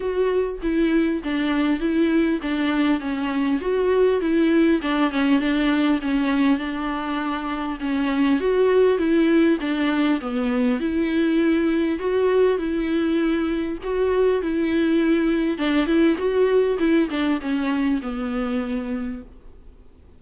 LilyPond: \new Staff \with { instrumentName = "viola" } { \time 4/4 \tempo 4 = 100 fis'4 e'4 d'4 e'4 | d'4 cis'4 fis'4 e'4 | d'8 cis'8 d'4 cis'4 d'4~ | d'4 cis'4 fis'4 e'4 |
d'4 b4 e'2 | fis'4 e'2 fis'4 | e'2 d'8 e'8 fis'4 | e'8 d'8 cis'4 b2 | }